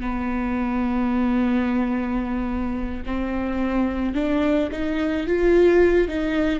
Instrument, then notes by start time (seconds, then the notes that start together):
viola
0.00 B3
3.06 C4
4.14 D4
4.71 D#4
5.26 F4
6.08 D#4